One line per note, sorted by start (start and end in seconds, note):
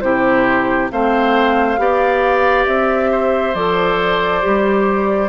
0.00 0.90 C3
0.00 0.90 E4
0.00 0.91 G4
0.00 0.88 C5
0.90 1.78 A3
0.90 1.77 C4
0.90 1.80 C5
0.90 2.66 F5
1.77 2.66 B3
1.77 3.54 G4
1.77 3.10 D5
2.66 3.54 C4
2.66 3.54 E5
3.10 5.29 C5
3.54 4.42 F3
3.54 4.41 A4
3.54 5.29 D5
4.41 5.29 G3
4.41 5.29 G4